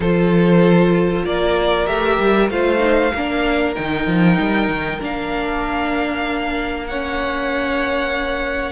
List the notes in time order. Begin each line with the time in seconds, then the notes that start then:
0.00 F3 F4 A4 C5
1.24 A#3 A#4 D5
1.86 A3 G4 E5
2.19 G3
2.49 A3 F4 C5 F5
2.78 D#4
3.14 A#3 D4 A#4
3.75 D#3 D#4 G5
4.06 F3
4.39 G3
4.68 D#3
5.00 A#3 D4 F5
6.87 C#4 C#5 F#5